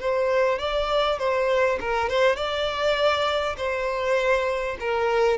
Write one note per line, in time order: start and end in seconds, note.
0.00 0.59 C5
0.59 1.19 D5
1.19 1.79 C5
1.80 2.09 A#4
2.09 2.36 C5
2.36 3.56 D5
3.57 4.77 C5
4.80 5.38 A#4